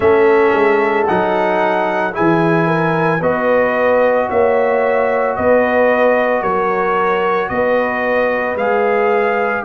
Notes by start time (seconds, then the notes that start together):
0.00 A3 C#4 A4 E5
0.53 G#3
1.07 F#3 D#4 F#5
2.12 E4 G#4 G#5
2.18 E3
2.67 A#4
3.21 B3 F#4 B4 D#5
4.30 A#3 C#5 E5
5.36 B3 B4 D#5
6.41 F#3 A#4 C#5
7.48 B3 B4 D#5
8.55 G#3 G#4 F5